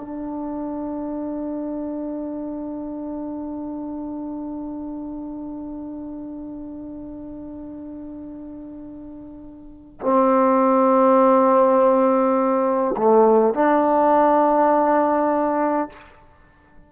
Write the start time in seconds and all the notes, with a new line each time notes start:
0.00 D4
10.01 C4
12.97 A3
13.54 D4